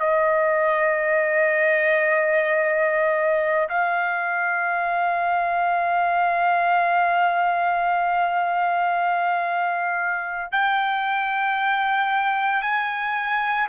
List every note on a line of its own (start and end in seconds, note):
0.00 3.68 D#5
3.69 10.52 F5
10.52 12.63 G5
12.63 13.68 G#5